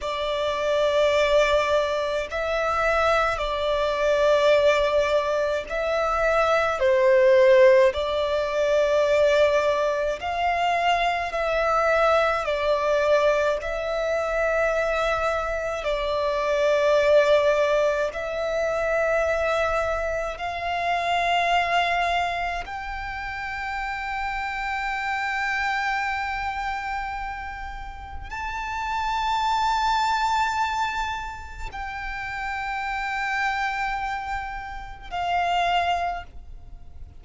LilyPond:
\new Staff \with { instrumentName = "violin" } { \time 4/4 \tempo 4 = 53 d''2 e''4 d''4~ | d''4 e''4 c''4 d''4~ | d''4 f''4 e''4 d''4 | e''2 d''2 |
e''2 f''2 | g''1~ | g''4 a''2. | g''2. f''4 | }